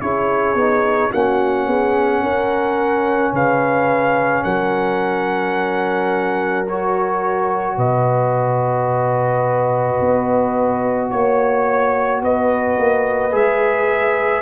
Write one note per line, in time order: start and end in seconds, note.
0.00 0.54 C#4
0.00 0.56 E4
0.00 1.11 G#4
0.00 1.12 C#5
0.54 1.10 B3
0.54 1.11 D#4
1.11 1.66 A#3
1.11 6.66 C#4
1.11 1.67 F#4
1.11 3.34 F#5
1.66 2.22 B3
1.66 2.22 G#4
2.22 3.32 C#4
2.22 3.32 A#4
3.32 4.43 C#3
3.32 4.44 B4
3.32 4.43 F5
4.43 7.77 F#3
4.43 7.76 A#4
4.43 6.65 F#5
6.67 13.31 F#4
6.67 7.78 C#5
7.76 9.99 B2
7.76 11.10 B4
7.76 11.10 D#5
10.00 11.11 B3
11.10 12.21 A#3
11.10 12.21 C#5
11.10 12.22 C#5
12.21 12.77 B3
12.21 14.42 B4
12.21 13.35 D#5
12.78 13.33 A#3
13.31 14.42 G#3
13.31 14.42 G#4
13.31 14.42 E5